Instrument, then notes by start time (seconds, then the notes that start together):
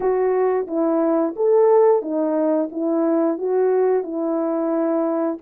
horn
0.00 F#4
0.67 E4
1.35 A4
2.01 D#4
2.72 E4
3.38 F#4
4.03 E4